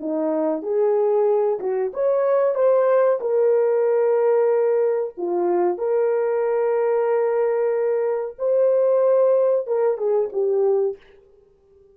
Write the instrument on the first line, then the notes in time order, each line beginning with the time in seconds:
horn
0.00 D#4
0.62 G#4
1.60 F#4
1.93 C#5
2.55 C5
3.21 A#4
5.17 F4
5.78 A#4
8.38 C5
9.67 A#4
9.97 G#4
10.32 G4